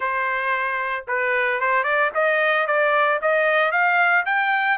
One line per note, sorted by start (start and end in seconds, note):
0.00 1.05 C5
1.07 1.60 B4
1.60 1.83 C5
1.83 2.10 D5
2.14 2.66 D#5
2.66 3.20 D5
3.21 3.71 D#5
3.71 4.24 F5
4.25 4.78 G5